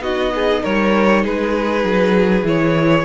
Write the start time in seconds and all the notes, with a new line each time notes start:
0.00 B3 D#4 F#4 D#5
0.35 G#4
0.63 G3 A#4 C#5
1.23 G#3 G#4 B4
1.84 F#3
2.43 E3 E4 C#5